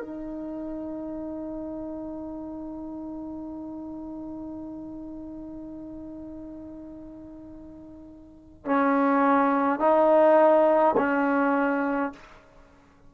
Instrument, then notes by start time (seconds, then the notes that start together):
trombone
0.00 D#4
8.65 C#4
9.79 D#4
10.97 C#4